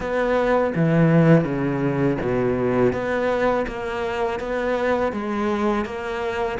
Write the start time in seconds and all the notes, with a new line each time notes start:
0.00 B3
0.75 E3
1.44 C#3
2.22 B2
2.92 B3
3.67 A#3
4.39 B3
5.12 G#3
5.85 A#3